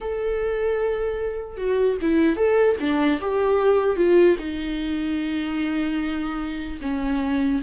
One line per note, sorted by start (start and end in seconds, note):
0.01 1.57 A4
1.57 1.97 F#4
2.01 2.36 E4
2.36 2.76 A4
2.79 3.19 D4
3.20 3.96 G4
3.96 4.36 F4
4.38 6.78 D#4
6.81 7.61 C#4